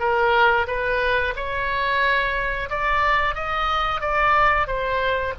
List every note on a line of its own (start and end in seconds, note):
0.00 0.67 A#4
0.67 1.34 B4
1.36 2.69 C#5
2.70 3.35 D5
3.35 4.01 D#5
4.01 4.67 D5
4.67 5.34 C5